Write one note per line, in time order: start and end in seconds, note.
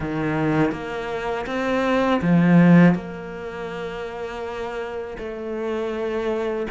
0.00 0.71 D#3
0.71 1.45 A#3
1.46 2.20 C4
2.21 2.95 F3
2.95 5.17 A#3
5.18 6.66 A3